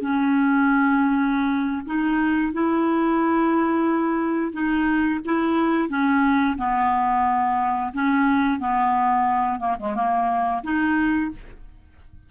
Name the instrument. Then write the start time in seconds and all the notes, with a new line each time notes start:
clarinet
0.00 C#4
1.86 D#4
2.53 E4
4.53 D#4
5.25 E4
5.89 C#4
6.57 B3
7.93 C#4
8.59 B3
9.59 A#3
9.79 G#3
9.95 A#3
10.63 D#4